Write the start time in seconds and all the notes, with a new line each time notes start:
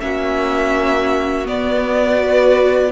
0.00 A#3 C#4 F#4 E5
1.46 B3 D5
2.16 F#4 B4